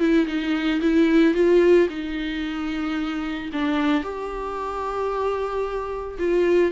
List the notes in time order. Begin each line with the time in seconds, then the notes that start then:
0.00 E4
0.28 D#4
0.81 E4
1.35 F4
1.90 D#4
3.53 D4
4.04 G4
6.19 F4